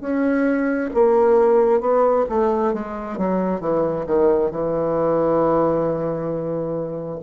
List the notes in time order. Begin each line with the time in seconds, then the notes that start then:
0.00 C#4
0.94 A#3
1.80 B3
2.29 A3
2.74 G#3
3.17 F#3
3.60 E3
4.06 D#3
4.50 E3